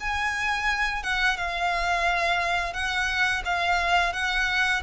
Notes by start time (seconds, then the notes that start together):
0.00 G#5
1.03 F#5
1.37 F5
2.74 F#5
3.45 F5
4.13 F#5